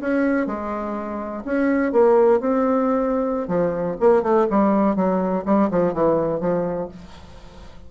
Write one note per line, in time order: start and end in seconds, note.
0.00 0.46 C#4
0.46 1.43 G#3
1.45 1.92 C#4
1.92 2.40 A#3
2.40 3.48 C4
3.48 3.96 F3
4.00 4.22 A#3
4.22 4.46 A3
4.50 4.96 G3
4.96 5.44 F#3
5.45 5.69 G3
5.70 5.93 F3
5.93 6.40 E3
6.40 6.88 F3